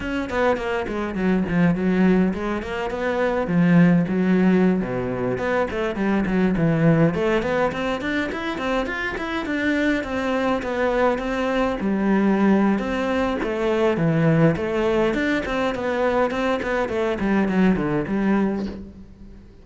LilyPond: \new Staff \with { instrumentName = "cello" } { \time 4/4 \tempo 4 = 103 cis'8 b8 ais8 gis8 fis8 f8 fis4 | gis8 ais8 b4 f4 fis4~ | fis16 b,4 b8 a8 g8 fis8 e8.~ | e16 a8 b8 c'8 d'8 e'8 c'8 f'8 e'16~ |
e'16 d'4 c'4 b4 c'8.~ | c'16 g4.~ g16 c'4 a4 | e4 a4 d'8 c'8 b4 | c'8 b8 a8 g8 fis8 d8 g4 | }